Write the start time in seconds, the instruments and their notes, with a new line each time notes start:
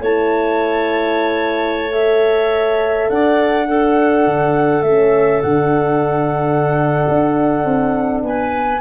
0.00 tuba A3, horn E4, clarinet C#5, flute A5
1.91 horn A4, flute E5
3.09 tuba D4, clarinet D5, flute F#5
3.68 horn D4, clarinet A4
4.26 tuba D3
4.82 tuba A3, horn C#4, flute E5
5.42 tuba D3, horn D4, flute F#5
7.08 tuba D4
7.64 tuba C4
8.22 tuba B3, clarinet B4, flute G#5